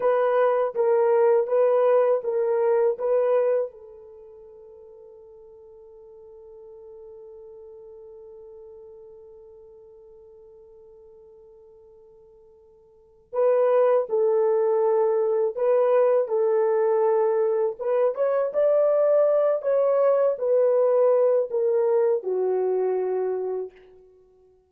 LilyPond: \new Staff \with { instrumentName = "horn" } { \time 4/4 \tempo 4 = 81 b'4 ais'4 b'4 ais'4 | b'4 a'2.~ | a'1~ | a'1~ |
a'2 b'4 a'4~ | a'4 b'4 a'2 | b'8 cis''8 d''4. cis''4 b'8~ | b'4 ais'4 fis'2 | }